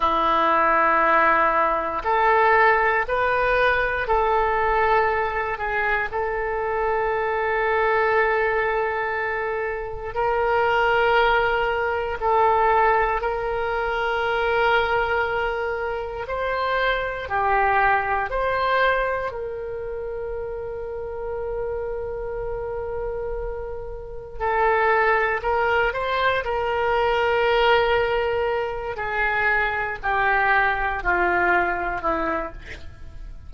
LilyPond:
\new Staff \with { instrumentName = "oboe" } { \time 4/4 \tempo 4 = 59 e'2 a'4 b'4 | a'4. gis'8 a'2~ | a'2 ais'2 | a'4 ais'2. |
c''4 g'4 c''4 ais'4~ | ais'1 | a'4 ais'8 c''8 ais'2~ | ais'8 gis'4 g'4 f'4 e'8 | }